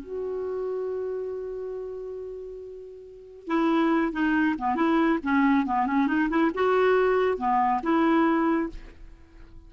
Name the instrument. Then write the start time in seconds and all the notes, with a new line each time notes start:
clarinet
0.00 F#4
3.48 E4
4.13 D#4
4.59 B3
4.76 E4
5.24 C#4
5.66 B3
5.87 C#4
6.08 D#4
6.30 E4
6.55 F#4
7.38 B3
7.83 E4